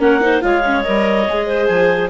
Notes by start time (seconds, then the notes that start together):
0.00 A#3 C#4 A#4 F#5
0.21 D#4 C5
0.41 G#3 F4 C#5 F5
0.66 C#4
0.83 G3 A#4 D#5
1.29 G#3 G#4
1.47 C5
1.67 F3 G#5